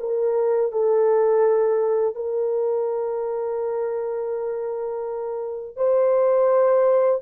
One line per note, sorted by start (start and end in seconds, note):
0.00 0.72 A#4
0.73 2.16 A4
2.16 5.77 A#4
5.77 7.21 C5